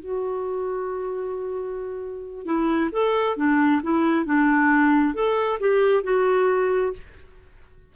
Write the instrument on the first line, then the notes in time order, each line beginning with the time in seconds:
clarinet
0.00 F#4
2.45 E4
2.92 A4
3.37 D4
3.83 E4
4.26 D4
5.14 A4
5.60 G4
6.03 F#4